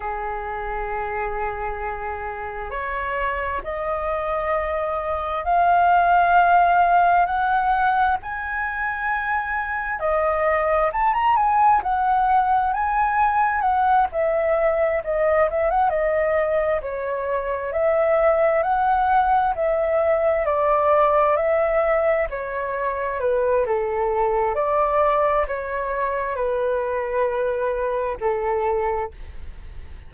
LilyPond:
\new Staff \with { instrumentName = "flute" } { \time 4/4 \tempo 4 = 66 gis'2. cis''4 | dis''2 f''2 | fis''4 gis''2 dis''4 | a''16 ais''16 gis''8 fis''4 gis''4 fis''8 e''8~ |
e''8 dis''8 e''16 fis''16 dis''4 cis''4 e''8~ | e''8 fis''4 e''4 d''4 e''8~ | e''8 cis''4 b'8 a'4 d''4 | cis''4 b'2 a'4 | }